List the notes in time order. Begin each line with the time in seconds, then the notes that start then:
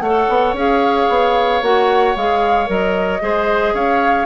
0.00 A3 A4 C#5 F#5
0.29 B3
0.53 C#4 G#4 F5
1.09 B3
1.62 A#3 F#4 F#5
2.16 G#3 G#4 F5
2.66 F#3 A#4 D#5
3.20 G#3 G#4 C5
3.73 C#4 C#5 F5